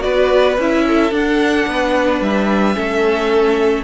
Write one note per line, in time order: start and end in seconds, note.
0.00 0.58 B3
0.00 0.55 F#4
0.00 0.84 B4
0.00 0.56 D5
0.58 1.11 C#4
0.58 1.12 E4
0.58 1.14 E5
0.87 1.69 A4
1.11 1.66 D4
1.11 2.74 D4
1.11 2.22 F#5
1.67 2.21 B3
1.67 2.76 B4
2.21 2.76 G3
2.21 3.84 E5
2.74 3.84 A3
2.74 3.83 C#4
2.74 3.84 A4